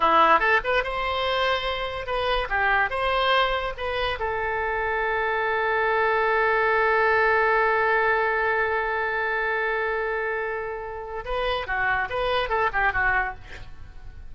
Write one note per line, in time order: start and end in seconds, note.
0.00 0.39 E4
0.39 0.60 A4
0.64 0.83 B4
0.83 2.06 C5
2.06 2.48 B4
2.49 2.89 G4
2.89 3.73 C5
3.77 4.18 B4
4.19 11.25 A4
11.25 11.66 B4
11.66 12.08 F#4
12.09 12.49 B4
12.49 12.70 A4
12.73 12.92 G4
12.92 13.34 F#4